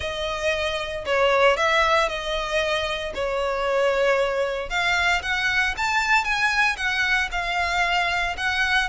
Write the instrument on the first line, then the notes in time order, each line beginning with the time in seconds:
violin
0.00 D#5
1.05 C#5
1.57 E5
2.09 D#5
3.14 C#5
4.69 F5
5.22 F#5
5.77 A5
6.24 G#5
6.77 F#5
7.31 F5
8.37 F#5